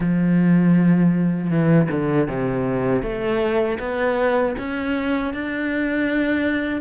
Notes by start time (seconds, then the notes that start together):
0.00 F3
1.50 E3
1.90 D3
2.28 C3
3.02 A3
3.79 B3
4.58 C#4
5.33 D4